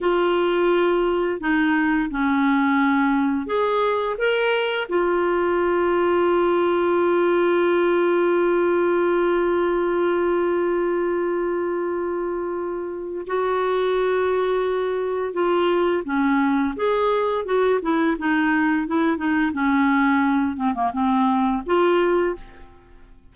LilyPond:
\new Staff \with { instrumentName = "clarinet" } { \time 4/4 \tempo 4 = 86 f'2 dis'4 cis'4~ | cis'4 gis'4 ais'4 f'4~ | f'1~ | f'1~ |
f'2. fis'4~ | fis'2 f'4 cis'4 | gis'4 fis'8 e'8 dis'4 e'8 dis'8 | cis'4. c'16 ais16 c'4 f'4 | }